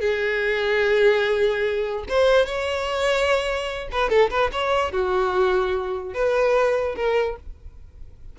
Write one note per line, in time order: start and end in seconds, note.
0.00 2.04 G#4
2.09 2.46 C5
2.46 3.88 C#5
3.91 4.09 B4
4.09 4.30 A4
4.30 4.50 B4
4.52 4.91 C#5
4.91 6.14 F#4
6.14 6.95 B4
6.95 7.36 A#4